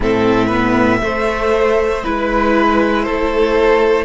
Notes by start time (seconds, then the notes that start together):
0.00 A2 C4 A4 E5
0.46 B3 B4
1.01 A3 C5
2.03 G#3 E4 B4
3.03 A3 A4 C5